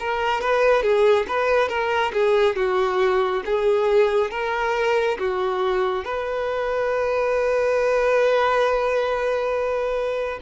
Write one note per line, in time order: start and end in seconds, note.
0.00 0.41 A#4
0.41 0.83 B4
0.83 1.26 G#4
1.28 1.69 B4
1.69 2.12 A#4
2.13 2.56 G#4
2.56 3.43 F#4
3.45 4.31 G#4
4.31 5.18 A#4
5.19 6.05 F#4
6.05 10.40 B4